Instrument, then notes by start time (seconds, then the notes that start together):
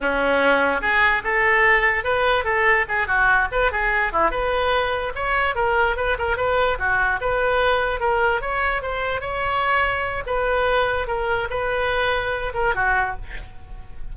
oboe
0.00 C#4
0.81 G#4
1.24 A4
2.04 B4
2.44 A4
2.88 G#4
3.07 F#4
3.51 B4
3.71 G#4
4.12 E4
4.30 B4
5.15 C#5
5.55 A#4
5.96 B4
6.18 A#4
6.36 B4
6.78 F#4
7.20 B4
8.00 A#4
8.41 C#5
8.82 C5
9.20 C#5
10.26 B4
11.07 A#4
11.50 B4
12.54 A#4
12.75 F#4